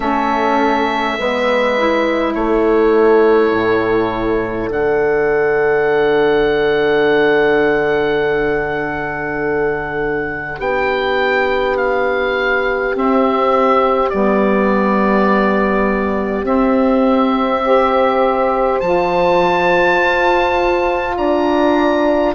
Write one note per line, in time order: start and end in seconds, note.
0.00 1.17 A3
0.00 1.17 C#4
0.00 1.17 A4
0.00 2.33 E5
1.18 2.35 G#3
1.18 1.78 B3
1.18 2.36 B4
1.78 4.71 E4
2.34 3.51 A3
2.34 10.57 A4
2.34 4.69 C#5
3.51 4.68 A2
4.69 10.58 D3
4.69 12.93 D4
4.69 10.60 F#5
10.57 12.94 B3
10.57 17.63 G4
10.57 11.77 G5
11.77 12.95 F5
12.93 14.10 C4
12.93 14.13 C4
12.93 14.09 E5
14.09 16.43 G3
14.09 16.44 B3
14.09 16.45 D5
16.43 18.78 C4
16.43 17.62 C4
16.43 18.79 E5
17.64 18.82 G4
17.64 21.17 C5
18.79 19.99 F3
18.79 22.34 F4
18.79 21.15 A5
20.02 21.17 F4
21.17 22.34 D4
21.17 22.34 D5
21.17 22.34 A#5